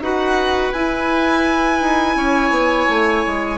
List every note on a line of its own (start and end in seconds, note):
0.00 0.71 D#4
0.00 0.74 F#4
0.00 2.17 B4
0.00 0.73 F#5
0.73 1.81 E4
0.73 3.58 E4
0.73 3.58 G#5
1.81 2.16 D#4
2.16 2.50 C#4
2.16 3.58 C#5
2.50 2.86 B3
2.89 3.25 A3
3.26 3.58 G#3